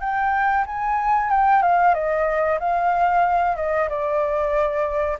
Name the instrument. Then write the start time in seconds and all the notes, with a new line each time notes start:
flute
0.00 G5
0.66 G#5
1.30 G5
1.62 F5
1.94 D#5
2.59 F5
3.56 D#5
3.89 D5